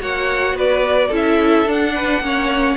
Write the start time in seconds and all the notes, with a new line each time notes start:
0.00 A#3 F#4 C#5 F#5
0.54 B3 B4 D5
1.09 C#4 E4 A4
1.16 E5
1.66 D4 F#5
1.95 B4
2.20 A#3 C#4 C#5